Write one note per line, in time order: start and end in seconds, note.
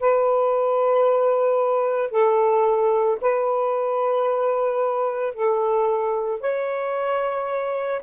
0.00 2.11 B4
2.11 3.18 A4
3.21 5.34 B4
5.34 6.40 A4
6.40 8.01 C#5